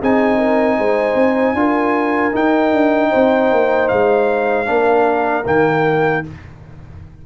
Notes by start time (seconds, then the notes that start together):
0.00 C4 D#4 G#4 G#5
0.38 A#4
0.78 G#3 C5
1.15 C4
1.54 D4 F4 A#4
2.33 D#4 G5
2.72 D4
3.10 C4 C5
3.52 A#3
3.89 G#3 F5
4.66 A#3 D4 A#4
5.46 D#3 A#3 G5